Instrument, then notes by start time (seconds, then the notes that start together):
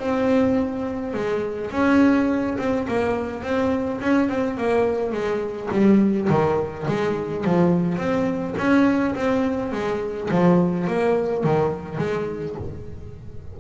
double bass
0.00 C4
1.14 G#3
1.72 C#4
2.59 C4
2.88 A#3
3.43 C4
4.02 C#4
4.29 C4
4.58 A#3
5.12 G#3
5.72 G3
6.30 D#3
6.88 G#3
7.45 F3
7.98 C4
8.58 C#4
9.16 C4
9.73 G#3
10.31 F3
10.88 A#3
11.44 D#3
11.98 G#3